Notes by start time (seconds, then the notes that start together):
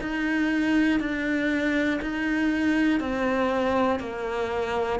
0.00 D#4
1.00 D4
2.01 D#4
3.00 C4
4.00 A#3